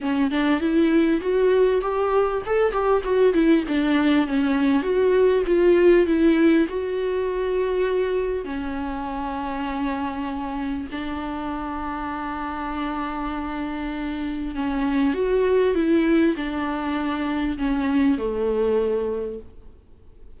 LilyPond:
\new Staff \with { instrumentName = "viola" } { \time 4/4 \tempo 4 = 99 cis'8 d'8 e'4 fis'4 g'4 | a'8 g'8 fis'8 e'8 d'4 cis'4 | fis'4 f'4 e'4 fis'4~ | fis'2 cis'2~ |
cis'2 d'2~ | d'1 | cis'4 fis'4 e'4 d'4~ | d'4 cis'4 a2 | }